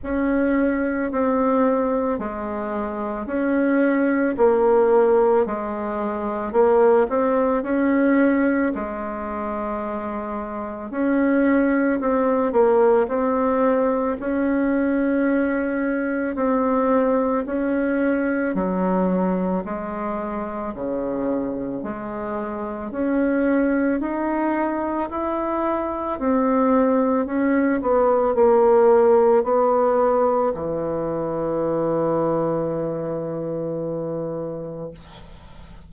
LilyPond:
\new Staff \with { instrumentName = "bassoon" } { \time 4/4 \tempo 4 = 55 cis'4 c'4 gis4 cis'4 | ais4 gis4 ais8 c'8 cis'4 | gis2 cis'4 c'8 ais8 | c'4 cis'2 c'4 |
cis'4 fis4 gis4 cis4 | gis4 cis'4 dis'4 e'4 | c'4 cis'8 b8 ais4 b4 | e1 | }